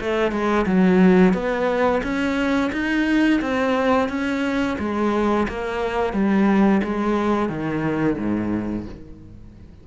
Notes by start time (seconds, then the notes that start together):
0.00 A3
0.32 G#3
0.66 F#3
1.33 B3
2.03 C#4
2.72 D#4
3.41 C4
4.09 C#4
4.79 G#3
5.49 A#3
6.13 G3
6.83 G#3
7.49 D#3
8.18 G#2